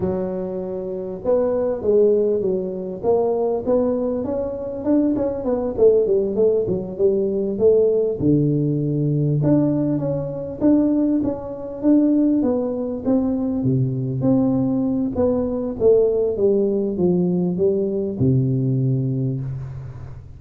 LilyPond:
\new Staff \with { instrumentName = "tuba" } { \time 4/4 \tempo 4 = 99 fis2 b4 gis4 | fis4 ais4 b4 cis'4 | d'8 cis'8 b8 a8 g8 a8 fis8 g8~ | g8 a4 d2 d'8~ |
d'8 cis'4 d'4 cis'4 d'8~ | d'8 b4 c'4 c4 c'8~ | c'4 b4 a4 g4 | f4 g4 c2 | }